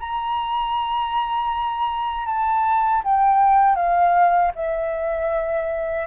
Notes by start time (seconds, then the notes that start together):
0.00 A#5
2.26 A5
3.04 G5
3.76 F5
4.56 E5